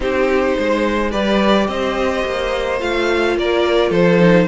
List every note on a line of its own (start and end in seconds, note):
0.00 0.55 C4
0.00 1.10 D#4
0.00 0.57 G4
0.00 1.11 C5
0.57 1.14 G#3
0.57 1.11 C5
1.10 1.68 G3
1.10 2.79 G4
1.10 1.67 B4
1.10 1.67 D5
1.67 2.24 C4
1.67 3.37 C5
1.67 2.79 D#5
2.25 2.81 A#3
2.79 3.36 A3
2.79 4.19 F4
2.79 3.36 F5
3.36 3.90 A#3
3.36 3.89 A#4
3.36 3.91 D5
3.89 4.46 F3
3.89 4.45 A4
3.89 4.47 C5
4.19 4.47 D#4